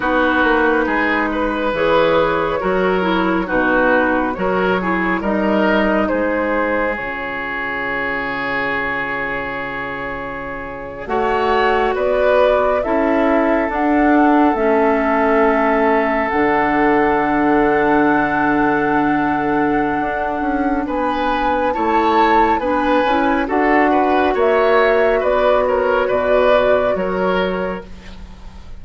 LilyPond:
<<
  \new Staff \with { instrumentName = "flute" } { \time 4/4 \tempo 4 = 69 b'2 cis''2 | b'4 cis''4 dis''4 c''4 | cis''1~ | cis''8. fis''4 d''4 e''4 fis''16~ |
fis''8. e''2 fis''4~ fis''16~ | fis''1 | gis''4 a''4 gis''4 fis''4 | e''4 d''8 cis''8 d''4 cis''4 | }
  \new Staff \with { instrumentName = "oboe" } { \time 4/4 fis'4 gis'8 b'4. ais'4 | fis'4 ais'8 gis'8 ais'4 gis'4~ | gis'1~ | gis'8. cis''4 b'4 a'4~ a'16~ |
a'1~ | a'1 | b'4 cis''4 b'4 a'8 b'8 | cis''4 b'8 ais'8 b'4 ais'4 | }
  \new Staff \with { instrumentName = "clarinet" } { \time 4/4 dis'2 gis'4 fis'8 e'8 | dis'4 fis'8 e'8 dis'2 | f'1~ | f'8. fis'2 e'4 d'16~ |
d'8. cis'2 d'4~ d'16~ | d'1~ | d'4 e'4 d'8 e'8 fis'4~ | fis'1 | }
  \new Staff \with { instrumentName = "bassoon" } { \time 4/4 b8 ais8 gis4 e4 fis4 | b,4 fis4 g4 gis4 | cis1~ | cis8. a4 b4 cis'4 d'16~ |
d'8. a2 d4~ d16~ | d2. d'8 cis'8 | b4 a4 b8 cis'8 d'4 | ais4 b4 b,4 fis4 | }
>>